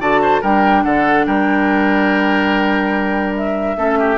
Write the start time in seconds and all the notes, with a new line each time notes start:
0.00 D3 F#4 D5 A5
0.22 C5
0.42 G3 D4 A#4 G5
0.84 D3 A4 F#5
1.27 G3 A#4 G5
3.37 E5
3.77 A3 C#4 A4
3.99 G4